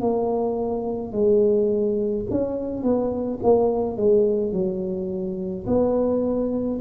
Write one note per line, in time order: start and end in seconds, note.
0.00 1.12 A#3
1.12 2.25 G#3
2.30 2.83 C#4
2.83 3.39 B3
3.42 3.96 A#3
3.96 4.52 G#3
4.52 5.66 F#3
5.67 6.80 B3